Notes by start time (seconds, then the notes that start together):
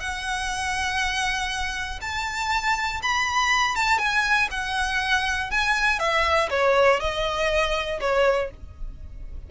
0.00 F#5
2.01 A5
3.02 B5
3.75 A5
3.98 G#5
4.50 F#5
5.51 G#5
5.99 E5
6.50 C#5
7.00 D#5
8.00 C#5